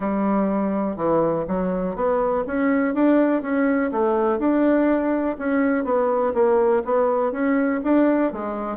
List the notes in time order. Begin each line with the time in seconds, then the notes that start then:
0.00 G3
0.96 E3
1.47 F#3
1.95 B3
2.46 C#4
2.94 D4
3.42 C#4
3.91 A3
4.38 D4
5.38 C#4
5.84 B3
6.33 A#3
6.84 B3
7.31 C#4
7.83 D4
8.32 G#3